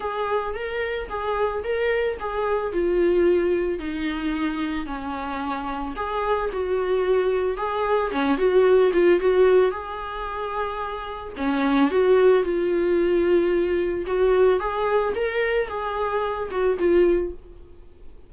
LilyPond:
\new Staff \with { instrumentName = "viola" } { \time 4/4 \tempo 4 = 111 gis'4 ais'4 gis'4 ais'4 | gis'4 f'2 dis'4~ | dis'4 cis'2 gis'4 | fis'2 gis'4 cis'8 fis'8~ |
fis'8 f'8 fis'4 gis'2~ | gis'4 cis'4 fis'4 f'4~ | f'2 fis'4 gis'4 | ais'4 gis'4. fis'8 f'4 | }